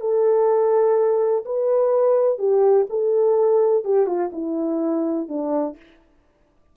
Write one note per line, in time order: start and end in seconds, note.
0.00 1.44 A4
1.45 2.38 B4
2.38 2.86 G4
2.89 3.84 A4
3.84 4.06 G4
4.06 4.30 F4
4.32 5.28 E4
5.28 5.76 D4